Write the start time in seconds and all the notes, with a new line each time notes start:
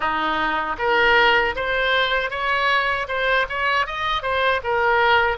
0.00 D#4
0.78 A#4
1.55 C5
2.30 C#5
3.08 C5
3.49 C#5
3.86 D#5
4.22 C5
4.63 A#4